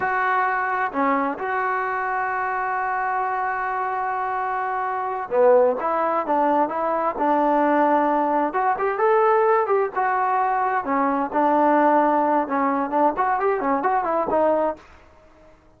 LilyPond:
\new Staff \with { instrumentName = "trombone" } { \time 4/4 \tempo 4 = 130 fis'2 cis'4 fis'4~ | fis'1~ | fis'2.~ fis'8 b8~ | b8 e'4 d'4 e'4 d'8~ |
d'2~ d'8 fis'8 g'8 a'8~ | a'4 g'8 fis'2 cis'8~ | cis'8 d'2~ d'8 cis'4 | d'8 fis'8 g'8 cis'8 fis'8 e'8 dis'4 | }